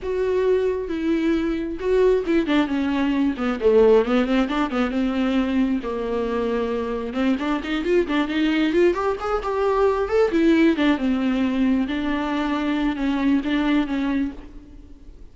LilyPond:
\new Staff \with { instrumentName = "viola" } { \time 4/4 \tempo 4 = 134 fis'2 e'2 | fis'4 e'8 d'8 cis'4. b8 | a4 b8 c'8 d'8 b8 c'4~ | c'4 ais2. |
c'8 d'8 dis'8 f'8 d'8 dis'4 f'8 | g'8 gis'8 g'4. a'8 e'4 | d'8 c'2 d'4.~ | d'4 cis'4 d'4 cis'4 | }